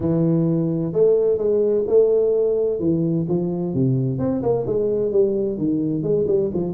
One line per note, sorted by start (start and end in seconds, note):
0.00 0.92 E3
0.92 1.37 A3
1.37 1.84 G#3
1.87 2.79 A3
2.79 3.26 E3
3.28 3.74 F3
3.74 4.18 C3
4.18 4.42 C4
4.42 4.65 A#3
4.66 5.11 G#3
5.11 5.58 G3
5.58 6.03 D#3
6.03 6.26 G#3
6.27 6.51 G3
6.53 6.73 F3